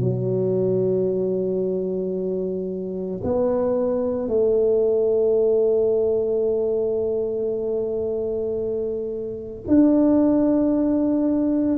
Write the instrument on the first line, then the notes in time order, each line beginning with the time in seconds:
tuba
0.00 F#3
3.24 B3
4.29 A3
9.68 D4